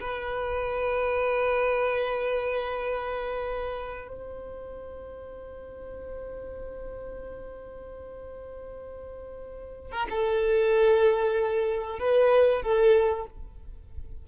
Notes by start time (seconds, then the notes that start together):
0.00 B4
4.08 C5
9.92 A#4
10.10 A4
11.99 B4
12.62 A4